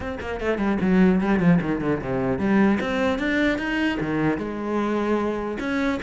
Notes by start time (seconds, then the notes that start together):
0.00 C4
0.20 A#3
0.40 A3
0.58 G3
0.81 F#3
1.21 G3
1.39 F3
1.61 D#3
1.80 D3
2.01 C3
2.38 G3
2.80 C4
3.19 D4
3.58 D#4
4.00 D#3
4.38 G#3
5.59 C#4